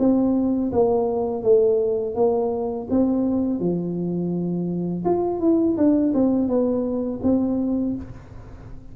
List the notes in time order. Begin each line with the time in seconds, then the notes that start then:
0.00 C4
0.72 A#3
1.44 A3
2.16 A#3
2.90 C4
3.60 F3
5.05 F4
5.41 E4
5.78 D4
6.14 C4
6.48 B3
7.24 C4